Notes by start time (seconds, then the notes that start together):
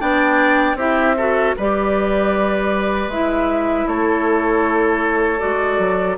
0.00 B3 D4 D5 G5
0.75 C4 E4 G4 E5
1.17 F#4 A4
1.57 G3 G4 B4 D5
3.08 G#3 E4 E5
3.87 A3 A4 C#5
5.39 G#3 F#4 D5
5.79 F#3